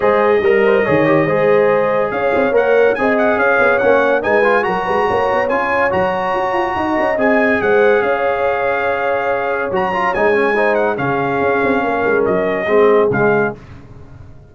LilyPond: <<
  \new Staff \with { instrumentName = "trumpet" } { \time 4/4 \tempo 4 = 142 dis''1~ | dis''4 f''4 fis''4 gis''8 fis''8 | f''4 fis''4 gis''4 ais''4~ | ais''4 gis''4 ais''2~ |
ais''4 gis''4 fis''4 f''4~ | f''2. ais''4 | gis''4. fis''8 f''2~ | f''4 dis''2 f''4 | }
  \new Staff \with { instrumentName = "horn" } { \time 4/4 c''4 ais'8 c''8 cis''4 c''4~ | c''4 cis''2 dis''4 | cis''2 b'4 ais'8 b'8 | cis''1 |
dis''2 c''4 cis''4~ | cis''1~ | cis''4 c''4 gis'2 | ais'2 gis'2 | }
  \new Staff \with { instrumentName = "trombone" } { \time 4/4 gis'4 ais'4 gis'8 g'8 gis'4~ | gis'2 ais'4 gis'4~ | gis'4 cis'4 dis'8 f'8 fis'4~ | fis'4 f'4 fis'2~ |
fis'4 gis'2.~ | gis'2. fis'8 f'8 | dis'8 cis'8 dis'4 cis'2~ | cis'2 c'4 gis4 | }
  \new Staff \with { instrumentName = "tuba" } { \time 4/4 gis4 g4 dis4 gis4~ | gis4 cis'8 c'8 ais4 c'4 | cis'8 b8 ais4 gis4 fis8 gis8 | ais8 b8 cis'4 fis4 fis'8 f'8 |
dis'8 cis'8 c'4 gis4 cis'4~ | cis'2. fis4 | gis2 cis4 cis'8 c'8 | ais8 gis8 fis4 gis4 cis4 | }
>>